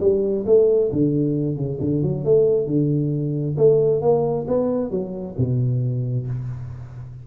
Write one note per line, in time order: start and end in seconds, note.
0.00 0.45 G3
0.46 0.91 A3
0.92 1.56 D3
1.56 1.78 C#3
1.81 2.02 D3
2.02 2.24 F#3
2.24 2.67 A3
2.67 3.56 D3
3.57 4.01 A3
4.01 4.46 A#3
4.48 4.91 B3
4.91 5.35 F#3
5.38 6.27 B2